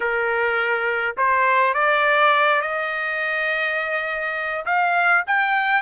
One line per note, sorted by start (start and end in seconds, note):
0.00 1.16 A#4
1.17 1.74 C5
1.74 2.61 D5
2.61 4.65 D#5
4.65 5.23 F5
5.27 5.81 G5